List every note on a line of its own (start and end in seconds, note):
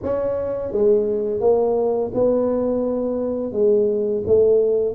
0.02 0.72 C#4
0.72 1.40 G#3
1.40 2.11 A#3
2.14 3.52 B3
3.52 4.23 G#3
4.26 4.94 A3